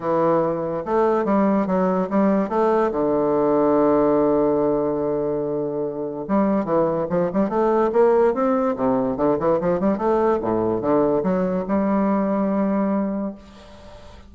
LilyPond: \new Staff \with { instrumentName = "bassoon" } { \time 4/4 \tempo 4 = 144 e2 a4 g4 | fis4 g4 a4 d4~ | d1~ | d2. g4 |
e4 f8 g8 a4 ais4 | c'4 c4 d8 e8 f8 g8 | a4 a,4 d4 fis4 | g1 | }